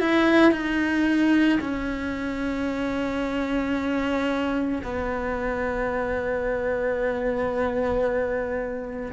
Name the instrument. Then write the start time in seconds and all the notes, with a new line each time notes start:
cello
0.00 E4
0.52 D#4
1.61 C#4
4.83 B3